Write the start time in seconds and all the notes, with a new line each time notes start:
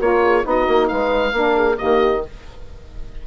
0.00 A#3 F4 A#4 C#5
0.23 G#4
0.43 B3 D#4 F#4
0.50 D#5
0.68 A#3
0.88 G#3 B4 F5
1.33 A#3 D4 A#4
1.56 G#4
1.77 D#3 A#3 G4 D#5